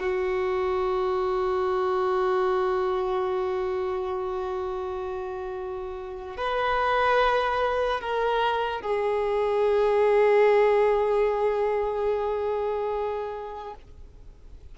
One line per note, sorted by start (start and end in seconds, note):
0.00 6.37 F#4
6.37 8.01 B4
8.01 8.82 A#4
8.82 13.75 G#4